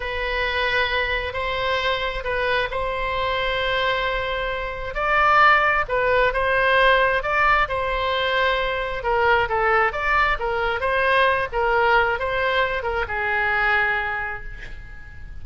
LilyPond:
\new Staff \with { instrumentName = "oboe" } { \time 4/4 \tempo 4 = 133 b'2. c''4~ | c''4 b'4 c''2~ | c''2. d''4~ | d''4 b'4 c''2 |
d''4 c''2. | ais'4 a'4 d''4 ais'4 | c''4. ais'4. c''4~ | c''8 ais'8 gis'2. | }